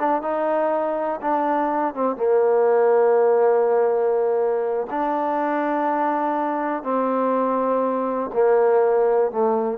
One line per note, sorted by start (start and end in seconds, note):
0.00 0.22 D4
0.22 1.21 D#4
1.22 1.94 D4
1.94 2.17 C4
2.17 4.87 A#3
4.91 6.84 D4
6.84 8.31 C4
8.34 9.32 A#3
9.32 9.79 A3